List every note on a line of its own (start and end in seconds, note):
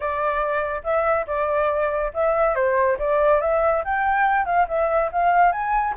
0.00 0.81 D5
0.83 1.26 E5
1.26 2.12 D5
2.13 2.55 E5
2.55 2.97 C5
2.98 3.41 D5
3.41 3.83 E5
3.84 4.45 G5
4.45 4.66 F5
4.68 5.10 E5
5.12 5.52 F5
5.52 5.94 G#5